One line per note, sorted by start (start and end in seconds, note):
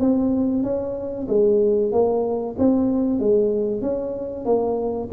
0.00 0.63 C4
0.63 1.27 C#4
1.28 1.92 G#3
1.92 2.56 A#3
2.59 3.20 C4
3.20 3.82 G#3
3.82 4.45 C#4
4.45 5.09 A#3